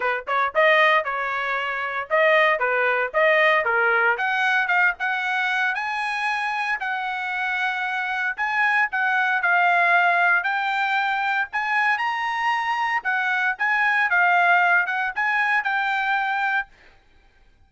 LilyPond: \new Staff \with { instrumentName = "trumpet" } { \time 4/4 \tempo 4 = 115 b'8 cis''8 dis''4 cis''2 | dis''4 b'4 dis''4 ais'4 | fis''4 f''8 fis''4. gis''4~ | gis''4 fis''2. |
gis''4 fis''4 f''2 | g''2 gis''4 ais''4~ | ais''4 fis''4 gis''4 f''4~ | f''8 fis''8 gis''4 g''2 | }